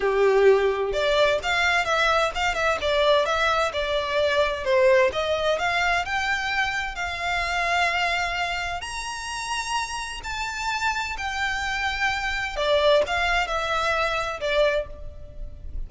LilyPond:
\new Staff \with { instrumentName = "violin" } { \time 4/4 \tempo 4 = 129 g'2 d''4 f''4 | e''4 f''8 e''8 d''4 e''4 | d''2 c''4 dis''4 | f''4 g''2 f''4~ |
f''2. ais''4~ | ais''2 a''2 | g''2. d''4 | f''4 e''2 d''4 | }